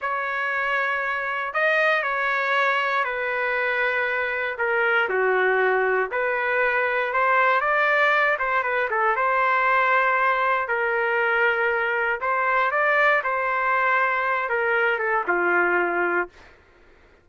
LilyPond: \new Staff \with { instrumentName = "trumpet" } { \time 4/4 \tempo 4 = 118 cis''2. dis''4 | cis''2 b'2~ | b'4 ais'4 fis'2 | b'2 c''4 d''4~ |
d''8 c''8 b'8 a'8 c''2~ | c''4 ais'2. | c''4 d''4 c''2~ | c''8 ais'4 a'8 f'2 | }